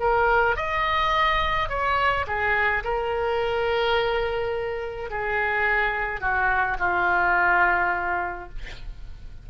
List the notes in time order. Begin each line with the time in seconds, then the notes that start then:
0.00 A#4
0.57 D#5
1.69 C#5
2.27 G#4
2.85 A#4
5.10 G#4
6.21 F#4
6.80 F4